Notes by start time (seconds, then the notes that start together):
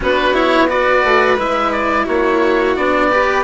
0.00 B3 D4 F#4 B4
0.33 E4 C#5
0.68 F#4 B4 D5
1.04 A3
1.37 G#3 E4 E5
1.72 D5
2.05 A#3 F#4 C#5
2.76 B3 D4 D5
3.11 G4 B4